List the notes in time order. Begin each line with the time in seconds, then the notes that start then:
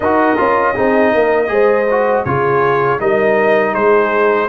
0.00 D#4 F#4 A#4 D#5
0.37 C#4 F4
0.74 C4 D#4 G#4
1.13 A#3 A#4
1.47 G#3 G#4 C5
1.90 F#4
2.24 C#3 F4 G#4 C#5
2.99 G3 D#4 A#4 D#5
3.72 G#3 G#4 C5